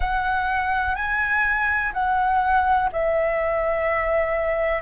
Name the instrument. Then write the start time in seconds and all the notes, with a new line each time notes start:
flute
0.00 F#5
0.95 G#5
1.93 F#5
2.92 E5